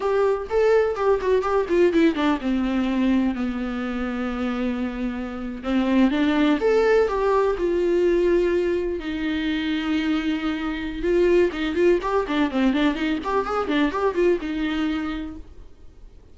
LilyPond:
\new Staff \with { instrumentName = "viola" } { \time 4/4 \tempo 4 = 125 g'4 a'4 g'8 fis'8 g'8 f'8 | e'8 d'8 c'2 b4~ | b2.~ b8. c'16~ | c'8. d'4 a'4 g'4 f'16~ |
f'2~ f'8. dis'4~ dis'16~ | dis'2. f'4 | dis'8 f'8 g'8 d'8 c'8 d'8 dis'8 g'8 | gis'8 d'8 g'8 f'8 dis'2 | }